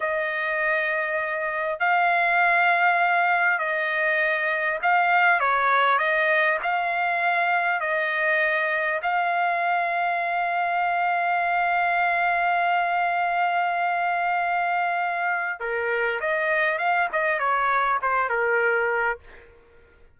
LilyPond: \new Staff \with { instrumentName = "trumpet" } { \time 4/4 \tempo 4 = 100 dis''2. f''4~ | f''2 dis''2 | f''4 cis''4 dis''4 f''4~ | f''4 dis''2 f''4~ |
f''1~ | f''1~ | f''2 ais'4 dis''4 | f''8 dis''8 cis''4 c''8 ais'4. | }